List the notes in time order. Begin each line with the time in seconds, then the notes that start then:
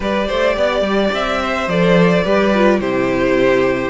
0.00 G3 G4 B4 D5
0.27 A3 C5
0.56 B3 D5
0.81 G3
1.13 C4 E5
1.42 C5
1.67 F3 A4 D5
2.23 G3 G4 B4
2.54 F4
2.79 C3 E4 G4 C5